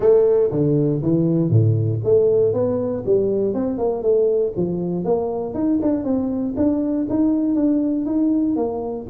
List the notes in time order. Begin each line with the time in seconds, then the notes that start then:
0.00 A3
0.51 D3
1.02 E3
1.49 A2
2.04 A3
2.53 B3
3.05 G3
3.54 C4
3.77 A#3
4.02 A3
4.56 F3
5.04 A#3
5.53 D#4
5.81 D4
6.04 C4
6.56 D4
7.09 D#4
7.55 D4
8.05 D#4
8.56 A#3